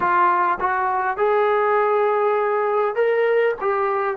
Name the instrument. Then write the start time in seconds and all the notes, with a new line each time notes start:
trombone
0.00 F4
0.60 F#4
1.17 G#4
2.95 A#4
3.60 G4